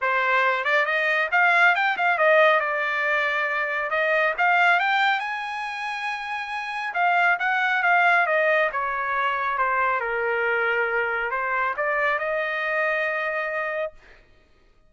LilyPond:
\new Staff \with { instrumentName = "trumpet" } { \time 4/4 \tempo 4 = 138 c''4. d''8 dis''4 f''4 | g''8 f''8 dis''4 d''2~ | d''4 dis''4 f''4 g''4 | gis''1 |
f''4 fis''4 f''4 dis''4 | cis''2 c''4 ais'4~ | ais'2 c''4 d''4 | dis''1 | }